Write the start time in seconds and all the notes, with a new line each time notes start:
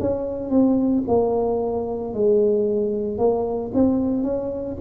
0.00 C#4
0.50 C4
1.08 A#3
2.13 G#3
3.18 A#3
3.74 C4
4.23 C#4